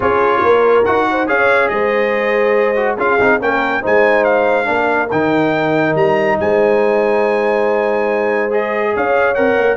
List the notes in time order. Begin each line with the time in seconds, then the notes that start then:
0.00 C#4 F4 G#4 C#5
0.42 A#3 A#4
0.85 D#4 F#4 F#5
1.11 C5
1.26 C#4 G#4 C#5 F5
1.68 G#3 C5 D#5
2.76 F#4
2.97 C#4 F4 G#4 F5
3.19 C4 D#4
3.40 A#3 C#4 A#4 G5
3.81 G#3 D#4 C5 G#5
4.24 F5
4.65 A#3 D4 A#4
5.11 D#3 D#4 G5
5.95 G3 A#5
6.40 G#3 C5 G#5
8.50 G#4 D#5
8.94 C#4 C#5 F5
9.34 C4 A#4 F#5
9.57 A#3